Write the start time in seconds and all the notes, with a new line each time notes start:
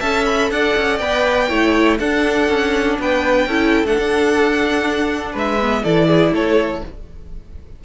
0.00 C#4 A4 E5 A5
0.26 B5
0.51 D4 D5 F#5
0.77 C#4
0.98 B3 B4 G5
1.49 A3 E4 C#5
2.00 D4 A4 F#5
2.49 C#4
2.99 B3 B4 G5
3.47 C#4 E4 A4
3.85 A3 D4 F#5
3.99 D4
5.33 G#3 B4 E5
5.62 B3
5.84 E3 E4 A4 D5
6.08 G#4
6.32 A3 A4 C#5